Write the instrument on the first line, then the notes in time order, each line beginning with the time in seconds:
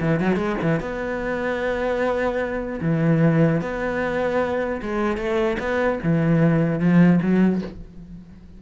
cello
0.00 E3
0.20 F#3
0.36 G#3
0.62 E3
0.80 B3
2.82 E3
3.62 B3
4.82 G#3
5.17 A3
5.59 B3
6.03 E3
6.80 F3
7.22 F#3